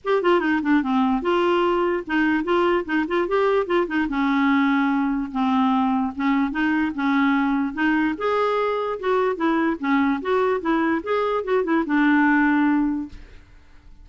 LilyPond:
\new Staff \with { instrumentName = "clarinet" } { \time 4/4 \tempo 4 = 147 g'8 f'8 dis'8 d'8 c'4 f'4~ | f'4 dis'4 f'4 dis'8 f'8 | g'4 f'8 dis'8 cis'2~ | cis'4 c'2 cis'4 |
dis'4 cis'2 dis'4 | gis'2 fis'4 e'4 | cis'4 fis'4 e'4 gis'4 | fis'8 e'8 d'2. | }